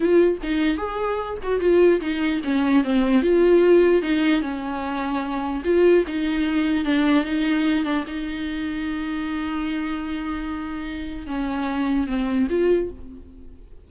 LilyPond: \new Staff \with { instrumentName = "viola" } { \time 4/4 \tempo 4 = 149 f'4 dis'4 gis'4. fis'8 | f'4 dis'4 cis'4 c'4 | f'2 dis'4 cis'4~ | cis'2 f'4 dis'4~ |
dis'4 d'4 dis'4. d'8 | dis'1~ | dis'1 | cis'2 c'4 f'4 | }